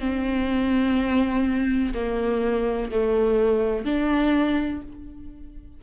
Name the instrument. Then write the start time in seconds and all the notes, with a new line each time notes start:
viola
0.00 C4
1.94 A#3
2.91 A3
3.85 D4